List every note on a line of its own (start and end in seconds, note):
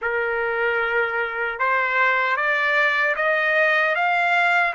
0.01 1.59 A#4
1.59 2.36 C5
2.36 3.15 D5
3.16 3.95 D#5
3.95 4.74 F5